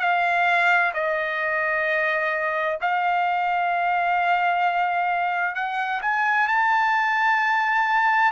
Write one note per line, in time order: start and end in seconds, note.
0.00 0.92 F5
0.94 2.79 D#5
2.82 5.55 F5
5.55 6.01 F#5
6.02 6.48 G#5
6.48 8.32 A5